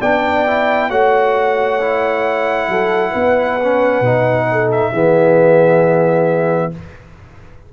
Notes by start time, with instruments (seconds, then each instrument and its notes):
0.00 tuba B3, trombone D4, horn D5, trumpet G5
0.47 trombone E4
0.90 tuba A3, trombone F#4, horn C#5, trumpet F#5
1.81 trombone E4
2.68 tuba F#3, horn A4
3.12 tuba B3, horn B4
3.63 trombone C#4
4.01 tuba B2, trombone D#4
4.51 horn A4
4.72 trumpet E5
4.92 tuba E3, trombone B3, horn G#4